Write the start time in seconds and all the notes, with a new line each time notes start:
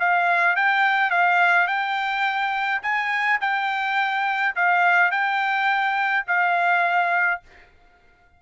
0.00 F5
0.56 G5
1.11 F5
1.68 G5
2.83 G#5
3.41 G5
4.56 F5
5.12 G5
6.28 F5